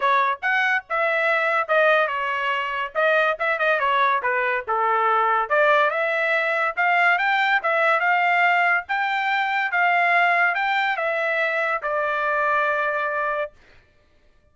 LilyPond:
\new Staff \with { instrumentName = "trumpet" } { \time 4/4 \tempo 4 = 142 cis''4 fis''4 e''2 | dis''4 cis''2 dis''4 | e''8 dis''8 cis''4 b'4 a'4~ | a'4 d''4 e''2 |
f''4 g''4 e''4 f''4~ | f''4 g''2 f''4~ | f''4 g''4 e''2 | d''1 | }